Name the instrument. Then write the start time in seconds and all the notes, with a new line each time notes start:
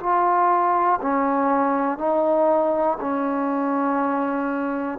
trombone
0.00 F4
1.02 C#4
1.98 D#4
3.01 C#4